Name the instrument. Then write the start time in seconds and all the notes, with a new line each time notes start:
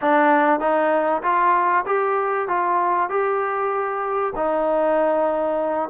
trombone
0.01 D4
0.60 D#4
1.23 F4
1.86 G4
2.48 F4
3.09 G4
4.35 D#4